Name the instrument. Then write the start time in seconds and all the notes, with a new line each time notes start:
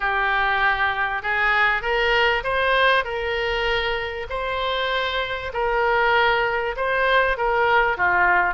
oboe
0.00 G4
1.22 G#4
1.81 A#4
2.43 C5
3.04 A#4
4.29 C5
5.53 A#4
6.76 C5
7.37 A#4
7.97 F4